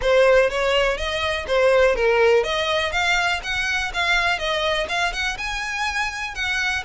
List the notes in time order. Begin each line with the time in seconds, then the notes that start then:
0.01 C5
0.50 C#5
0.97 D#5
1.47 C5
1.95 A#4
2.43 D#5
2.91 F5
3.43 F#5
3.93 F5
4.38 D#5
4.88 F5
5.12 F#5
5.37 G#5
6.34 F#5